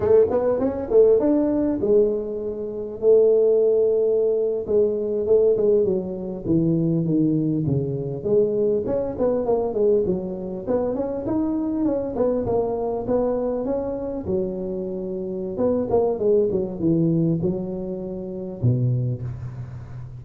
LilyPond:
\new Staff \with { instrumentName = "tuba" } { \time 4/4 \tempo 4 = 100 a8 b8 cis'8 a8 d'4 gis4~ | gis4 a2~ a8. gis16~ | gis8. a8 gis8 fis4 e4 dis16~ | dis8. cis4 gis4 cis'8 b8 ais16~ |
ais16 gis8 fis4 b8 cis'8 dis'4 cis'16~ | cis'16 b8 ais4 b4 cis'4 fis16~ | fis2 b8 ais8 gis8 fis8 | e4 fis2 b,4 | }